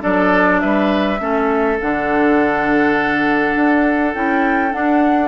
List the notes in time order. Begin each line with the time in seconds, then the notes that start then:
0.00 F#3 D4 A4 D5
0.60 G3 B4 E5
1.19 A3 C#4 A4
1.81 D3 D4 F#5
3.55 D4
4.14 C#4 E4 G5
4.70 D4 F#5